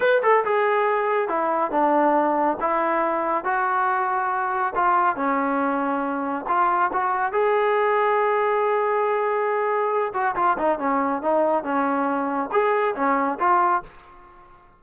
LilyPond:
\new Staff \with { instrumentName = "trombone" } { \time 4/4 \tempo 4 = 139 b'8 a'8 gis'2 e'4 | d'2 e'2 | fis'2. f'4 | cis'2. f'4 |
fis'4 gis'2.~ | gis'2.~ gis'8 fis'8 | f'8 dis'8 cis'4 dis'4 cis'4~ | cis'4 gis'4 cis'4 f'4 | }